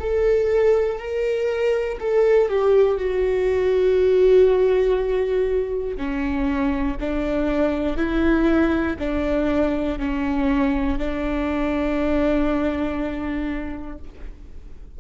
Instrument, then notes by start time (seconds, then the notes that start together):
viola
0.00 A4
0.99 A#4
2.00 A4
2.49 G4
2.98 F#4
5.97 C#4
7.00 D4
7.97 E4
8.99 D4
9.99 C#4
10.99 D4